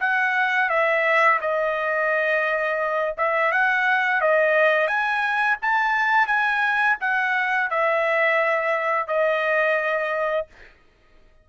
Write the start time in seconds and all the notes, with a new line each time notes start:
0.00 F#5
0.69 E5
1.41 D#5
3.17 E5
3.52 F#5
4.21 D#5
4.87 G#5
5.62 A5
6.27 G#5
7.01 F#5
7.70 E5
9.08 D#5